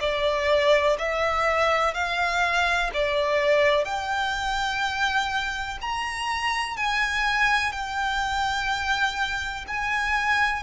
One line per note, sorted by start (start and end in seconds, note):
0.00 0.97 D5
0.99 1.94 E5
1.94 2.91 F5
2.93 3.85 D5
3.85 5.78 G5
5.81 6.77 A#5
6.77 7.72 G#5
7.72 9.66 G5
9.68 10.63 G#5